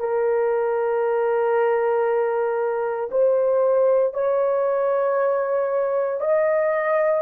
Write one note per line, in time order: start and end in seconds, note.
0.00 3.10 A#4
3.12 4.14 C5
4.14 6.21 C#5
6.21 7.23 D#5